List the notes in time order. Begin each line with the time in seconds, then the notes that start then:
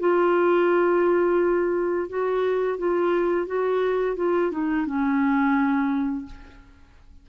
0.00 F4
2.09 F#4
2.78 F4
3.47 F#4
4.16 F4
4.52 D#4
4.86 C#4